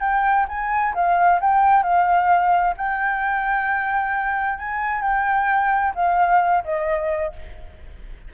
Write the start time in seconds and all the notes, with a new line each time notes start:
0.00 G5
0.48 G#5
0.94 F5
1.40 G5
1.83 F5
2.77 G5
4.58 G#5
5.02 G5
5.95 F5
6.64 D#5